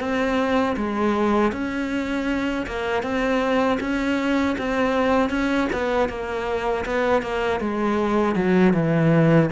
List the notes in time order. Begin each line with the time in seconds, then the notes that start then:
0.00 C4
0.77 G#3
1.53 C#4
2.67 A#3
3.03 C4
3.81 C#4
4.58 C4
5.30 C#4
5.73 B3
6.09 A#3
6.86 B3
7.23 A#3
7.61 G#3
8.36 F#3
8.74 E3